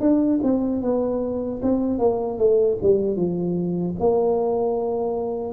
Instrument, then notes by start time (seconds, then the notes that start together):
tuba
0.00 D4
0.43 C4
0.81 B3
1.62 C4
1.98 A#3
2.38 A3
2.82 G3
3.16 F3
3.99 A#3